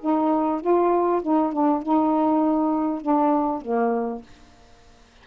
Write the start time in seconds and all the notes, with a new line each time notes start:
0.00 D#4
0.61 F4
1.22 D#4
1.52 D4
1.82 D#4
3.01 D4
3.61 A#3